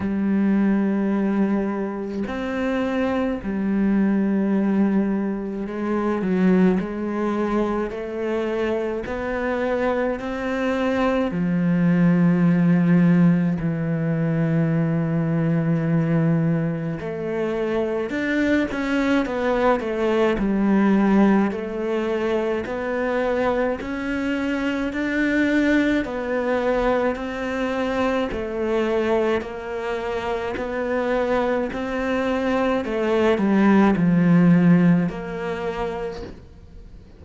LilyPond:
\new Staff \with { instrumentName = "cello" } { \time 4/4 \tempo 4 = 53 g2 c'4 g4~ | g4 gis8 fis8 gis4 a4 | b4 c'4 f2 | e2. a4 |
d'8 cis'8 b8 a8 g4 a4 | b4 cis'4 d'4 b4 | c'4 a4 ais4 b4 | c'4 a8 g8 f4 ais4 | }